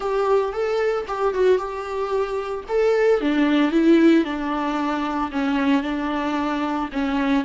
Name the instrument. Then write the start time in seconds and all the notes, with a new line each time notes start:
viola
0.00 G4
0.53 A4
1.07 G4
1.33 F#4
1.58 G4
2.68 A4
3.20 D4
3.71 E4
4.24 D4
5.31 C#4
5.83 D4
6.92 C#4